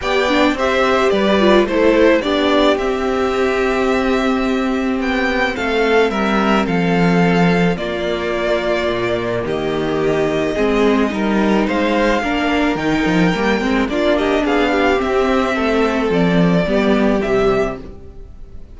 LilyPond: <<
  \new Staff \with { instrumentName = "violin" } { \time 4/4 \tempo 4 = 108 g''4 e''4 d''4 c''4 | d''4 e''2.~ | e''4 g''4 f''4 e''4 | f''2 d''2~ |
d''4 dis''2.~ | dis''4 f''2 g''4~ | g''4 d''8 dis''8 f''4 e''4~ | e''4 d''2 e''4 | }
  \new Staff \with { instrumentName = "violin" } { \time 4/4 d''4 c''4 b'4 a'4 | g'1~ | g'2 a'4 ais'4 | a'2 f'2~ |
f'4 g'2 gis'4 | ais'4 c''4 ais'2~ | ais'4 f'8 g'8 gis'8 g'4. | a'2 g'2 | }
  \new Staff \with { instrumentName = "viola" } { \time 4/4 g'8 d'8 g'4. f'8 e'4 | d'4 c'2.~ | c'1~ | c'2 ais2~ |
ais2. c'4 | dis'2 d'4 dis'4 | ais8 c'8 d'2 c'4~ | c'2 b4 g4 | }
  \new Staff \with { instrumentName = "cello" } { \time 4/4 b4 c'4 g4 a4 | b4 c'2.~ | c'4 b4 a4 g4 | f2 ais2 |
ais,4 dis2 gis4 | g4 gis4 ais4 dis8 f8 | g8 gis8 ais4 b4 c'4 | a4 f4 g4 c4 | }
>>